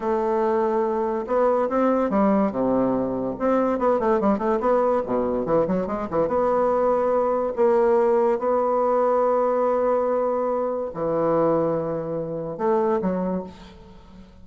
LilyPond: \new Staff \with { instrumentName = "bassoon" } { \time 4/4 \tempo 4 = 143 a2. b4 | c'4 g4 c2 | c'4 b8 a8 g8 a8 b4 | b,4 e8 fis8 gis8 e8 b4~ |
b2 ais2 | b1~ | b2 e2~ | e2 a4 fis4 | }